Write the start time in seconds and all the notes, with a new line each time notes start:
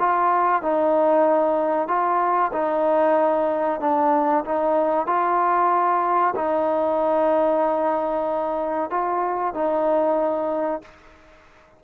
0.00 F4
0.63 D#4
1.88 F4
2.53 D#4
3.81 D4
4.45 D#4
5.07 F4
6.36 D#4
8.91 F4
9.55 D#4